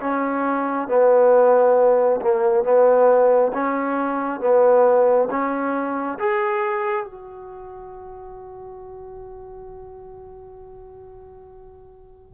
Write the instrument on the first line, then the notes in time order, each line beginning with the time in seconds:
trombone
0.00 C#4
0.88 B3
2.21 A#3
2.64 B3
3.53 C#4
4.40 B3
5.30 C#4
6.19 G#4
7.05 F#4